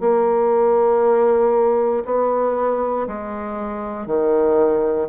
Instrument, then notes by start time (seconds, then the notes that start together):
bassoon
0.00 A#3
2.05 B3
3.07 G#3
4.06 D#3